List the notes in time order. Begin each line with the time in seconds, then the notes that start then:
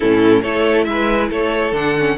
0.00 A2 C#4 E4 A4
0.42 A3 E4 A4 C#5
0.83 G#3 B4 E5
1.29 A3 A4 C#5
1.72 D3 D4 F#5
1.98 C#4